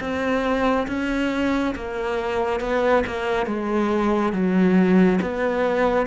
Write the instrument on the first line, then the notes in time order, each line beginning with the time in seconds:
cello
0.00 C4
0.87 C#4
1.75 A#3
2.60 B3
3.07 A#3
3.46 G#3
4.32 F#3
5.21 B3